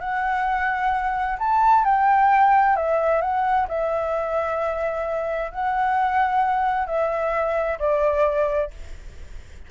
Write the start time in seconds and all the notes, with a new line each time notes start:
0.00 F#5
1.38 A5
1.84 G5
2.76 E5
3.21 F#5
3.68 E5
5.51 F#5
6.86 E5
7.79 D5